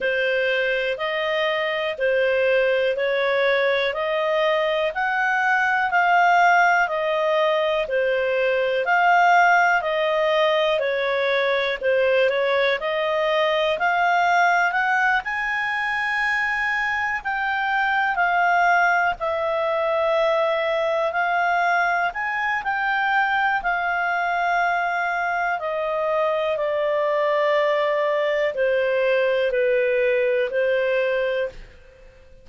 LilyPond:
\new Staff \with { instrumentName = "clarinet" } { \time 4/4 \tempo 4 = 61 c''4 dis''4 c''4 cis''4 | dis''4 fis''4 f''4 dis''4 | c''4 f''4 dis''4 cis''4 | c''8 cis''8 dis''4 f''4 fis''8 gis''8~ |
gis''4. g''4 f''4 e''8~ | e''4. f''4 gis''8 g''4 | f''2 dis''4 d''4~ | d''4 c''4 b'4 c''4 | }